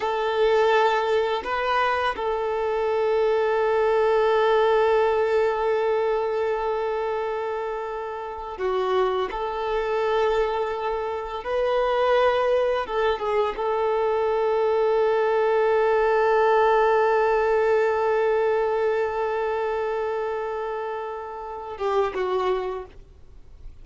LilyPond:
\new Staff \with { instrumentName = "violin" } { \time 4/4 \tempo 4 = 84 a'2 b'4 a'4~ | a'1~ | a'1 | fis'4 a'2. |
b'2 a'8 gis'8 a'4~ | a'1~ | a'1~ | a'2~ a'8 g'8 fis'4 | }